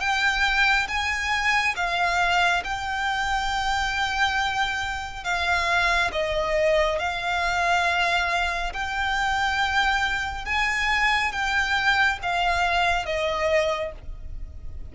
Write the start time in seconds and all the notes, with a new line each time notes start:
0.00 G5
0.88 G#5
1.76 F5
2.64 G5
5.24 F5
6.12 D#5
6.99 F5
8.73 G5
10.45 G#5
11.32 G5
12.22 F5
13.06 D#5